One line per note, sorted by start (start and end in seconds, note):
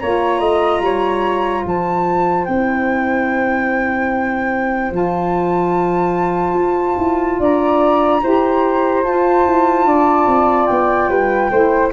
0.00 0.40 A#3
0.00 2.48 F4
0.00 0.40 C#5
0.00 1.64 A#5
0.40 0.80 A3
0.40 0.81 D#5
0.80 1.62 G3
0.80 1.62 C#5
1.62 2.47 F3
1.62 7.38 C5
1.62 2.45 A5
2.45 4.91 C4
2.45 4.91 E4
2.45 4.92 G5
4.91 6.54 F3
4.91 8.20 F4
4.91 7.42 A5
6.54 6.95 F4
6.98 7.39 E4
7.39 8.22 D4
7.39 8.22 D5
7.39 9.03 A#5
8.22 9.04 E4
8.22 9.05 G4
8.22 9.87 C5
9.03 9.45 F4
9.03 11.52 F4
9.03 10.66 A5
9.46 9.85 E4
9.85 10.26 D4
9.85 11.10 D5
10.27 10.68 C4
10.66 11.09 B3
10.66 11.90 G5
11.09 11.50 G3
11.09 11.51 B4
11.51 11.92 A3
11.51 11.93 E4
11.51 11.92 C5